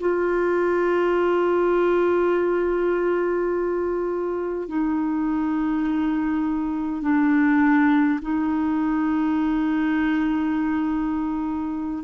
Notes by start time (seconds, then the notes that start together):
0.00 F4
4.67 D#4
7.02 D4
8.21 D#4